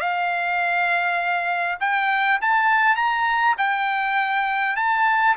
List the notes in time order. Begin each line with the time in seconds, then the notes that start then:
0.00 F5
1.80 G5
2.41 A5
2.96 A#5
3.58 G5
4.76 A5